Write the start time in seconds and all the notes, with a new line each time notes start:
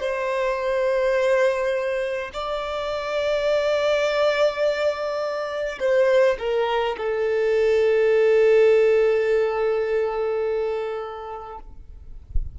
0.00 C5
2.33 D5
5.80 C5
6.39 A#4
6.98 A4